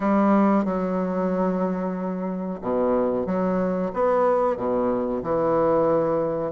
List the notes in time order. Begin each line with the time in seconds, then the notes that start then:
0.00 G3
0.64 F#3
2.61 B2
3.26 F#3
3.93 B3
4.57 B2
5.22 E3